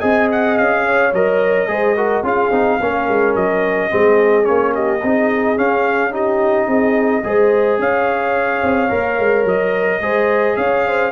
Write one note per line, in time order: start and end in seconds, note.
0.00 0.59 C4
0.00 1.12 G#4
0.00 0.83 D#5
0.00 0.28 G#5
0.32 0.58 F#5
0.58 1.13 C#4
0.58 1.13 F5
0.86 1.69 C#5
1.13 1.68 F#3
1.13 1.68 A#4
1.13 2.26 D#5
1.68 2.23 G#3
1.68 1.95 G#4
1.68 1.97 C5
1.97 2.24 F#4
1.97 2.24 A#4
2.23 2.51 C#4
2.23 2.52 F4
2.23 2.80 G#4
2.23 3.36 F5
2.51 2.79 C4
2.51 2.80 D#4
2.81 3.09 A#3
2.81 3.90 C#4
2.81 3.91 A#4
3.09 3.36 G#3
3.36 3.92 F#3
3.36 4.45 D#5
3.90 4.48 G#3
3.90 4.44 C4
3.90 4.74 G#4
4.44 5.03 A#3
4.44 4.99 C#4
4.44 4.73 C#5
4.74 5.02 G4
4.74 5.58 D#5
5.03 5.58 C4
5.03 5.57 D#4
5.03 6.12 G#4
5.57 6.12 C#4
5.57 6.68 C#4
5.57 6.14 F5
6.12 7.23 D#4
6.12 6.67 G4
6.12 7.81 D#5
6.67 7.24 C4
6.67 7.22 G#4
7.24 7.79 G#3
7.24 8.89 G#4
7.24 7.81 C5
7.79 8.63 C#4
7.79 10.03 C#5
7.79 9.48 F5
8.63 8.91 C4
8.89 9.19 A#3
8.89 10.00 A#4
9.19 9.45 G#3
9.45 10.01 F#3
9.45 10.57 D#5
10.01 10.56 G#3
10.01 11.12 G#4
10.01 10.58 C5
10.57 11.12 C#4
10.57 10.87 C#5
10.57 11.12 F5
10.87 11.12 C5